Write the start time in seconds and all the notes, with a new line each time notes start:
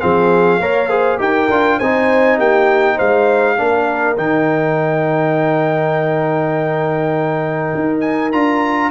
0.00 F3 C4 G#4 F5
0.59 A#3 A#4 C#5
0.89 G#4 C5
1.18 D#4 G4 A#4 G5
1.49 D4 F4
1.78 C4 D#4 C5 G#5
2.37 A#3 G4 G5
2.95 G#3 C5 F5
3.57 A#3 D4 A#4
4.17 D#3 D#4 G5
7.75 D#4
8.00 G#5
8.32 D4 F4 A#5